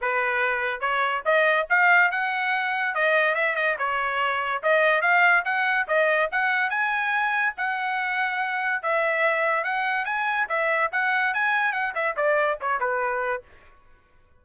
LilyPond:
\new Staff \with { instrumentName = "trumpet" } { \time 4/4 \tempo 4 = 143 b'2 cis''4 dis''4 | f''4 fis''2 dis''4 | e''8 dis''8 cis''2 dis''4 | f''4 fis''4 dis''4 fis''4 |
gis''2 fis''2~ | fis''4 e''2 fis''4 | gis''4 e''4 fis''4 gis''4 | fis''8 e''8 d''4 cis''8 b'4. | }